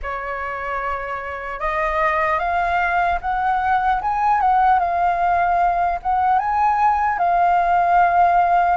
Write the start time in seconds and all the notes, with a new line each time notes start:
0.02 C#5
1.59 D#5
2.39 F5
3.21 F#5
4.01 G#5
4.40 F#5
4.79 F5
6.02 F#5
6.39 G#5
7.18 F5